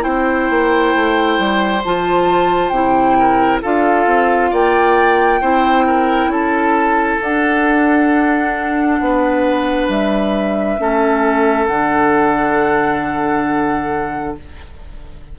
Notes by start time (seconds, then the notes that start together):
0.00 C4 E4 C5 G5
0.49 A#3
0.94 A3
1.38 G3
1.84 F3 F4 A5
2.69 C3 E4 G5
3.19 A#4
3.61 D4 F4 A4 F5
4.06 C4
4.50 A#3 D5 G5
5.41 C4 E4 C5
5.86 A#4
6.27 C#4 A4 A5
7.21 D4 F#5
8.99 B3 B4
9.88 G3 E5
10.78 A3 C#4 A4
11.66 D3 D4 F#5